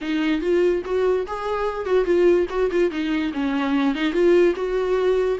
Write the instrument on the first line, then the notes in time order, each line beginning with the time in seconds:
viola
0.01 D#4
0.41 F4
0.85 F#4
1.26 G#4
1.85 F#4
2.05 F4
2.49 F#4
2.71 F4
2.90 D#4
3.33 C#4
3.94 D#4
4.12 F4
4.55 F#4